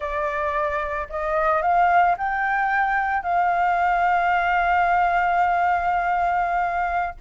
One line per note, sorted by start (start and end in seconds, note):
0.00 1.07 D5
1.09 1.62 D#5
1.62 2.16 F5
2.17 3.22 G5
3.22 7.14 F5